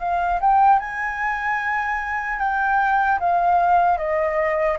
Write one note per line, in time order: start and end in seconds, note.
0.00 0.40 F5
0.41 0.80 G5
0.80 2.39 G#5
2.39 3.19 G5
3.20 3.97 F5
3.97 4.77 D#5